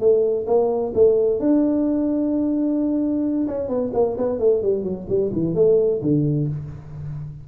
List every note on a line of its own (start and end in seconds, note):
0.00 0.46 A3
0.47 0.93 A#3
0.95 1.40 A3
1.40 3.47 D4
3.47 3.68 C#4
3.68 3.91 B3
3.94 4.17 A#3
4.18 4.40 B3
4.40 4.63 A3
4.63 4.84 G3
4.84 5.07 F#3
5.09 5.32 G3
5.33 5.55 E3
5.55 6.01 A3
6.02 6.48 D3